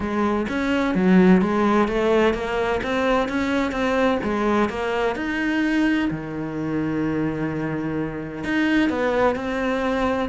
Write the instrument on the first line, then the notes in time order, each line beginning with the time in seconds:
cello
0.00 G#3
0.49 C#4
0.94 F#3
1.41 G#3
1.88 A3
2.34 A#3
2.83 C4
3.28 C#4
3.71 C4
4.23 G#3
4.69 A#3
5.15 D#4
6.10 D#3
8.44 D#4
8.89 B3
9.35 C4